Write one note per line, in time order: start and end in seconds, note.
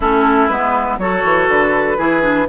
0.00 0.49 A3
0.00 0.50 C#4
0.00 0.98 E4
0.00 0.47 A4
0.47 0.98 G#3
0.47 1.00 B3
0.47 0.97 B4
0.98 1.22 F#3
0.98 1.98 F#4
0.98 1.97 A4
0.98 1.48 C#5
1.24 1.48 E3
1.48 1.97 D3
1.48 2.49 B4
1.97 2.48 E3
1.97 2.22 E4
1.97 2.47 G#4
2.22 2.46 D4